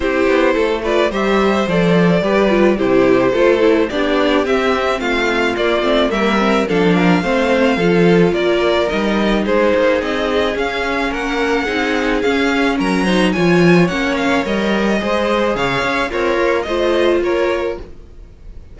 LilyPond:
<<
  \new Staff \with { instrumentName = "violin" } { \time 4/4 \tempo 4 = 108 c''4. d''8 e''4 d''4~ | d''4 c''2 d''4 | e''4 f''4 d''4 e''4 | f''2. d''4 |
dis''4 c''4 dis''4 f''4 | fis''2 f''4 ais''4 | gis''4 fis''8 f''8 dis''2 | f''4 cis''4 dis''4 cis''4 | }
  \new Staff \with { instrumentName = "violin" } { \time 4/4 g'4 a'8 b'8 c''2 | b'4 g'4 a'4 g'4~ | g'4 f'2 ais'4 | a'8 ais'8 c''4 a'4 ais'4~ |
ais'4 gis'2. | ais'4 gis'2 ais'8 c''8 | cis''2. c''4 | cis''4 f'4 c''4 ais'4 | }
  \new Staff \with { instrumentName = "viola" } { \time 4/4 e'4. f'8 g'4 a'4 | g'8 f'8 e'4 f'8 e'8 d'4 | c'2 ais8 c'8 ais8 c'8 | d'4 c'4 f'2 |
dis'2. cis'4~ | cis'4 dis'4 cis'4. dis'8 | f'4 cis'4 ais'4 gis'4~ | gis'4 ais'4 f'2 | }
  \new Staff \with { instrumentName = "cello" } { \time 4/4 c'8 b8 a4 g4 f4 | g4 c4 a4 b4 | c'4 a4 ais8 a8 g4 | f4 a4 f4 ais4 |
g4 gis8 ais8 c'4 cis'4 | ais4 c'4 cis'4 fis4 | f4 ais4 g4 gis4 | cis8 cis'8 c'8 ais8 a4 ais4 | }
>>